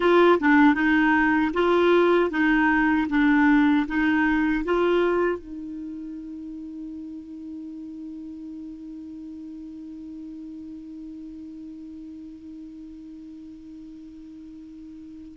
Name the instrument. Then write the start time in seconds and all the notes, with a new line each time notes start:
clarinet
0.00 F4
0.39 D4
0.74 D#4
1.53 F4
2.30 D#4
3.09 D4
3.87 D#4
4.64 F4
5.38 D#4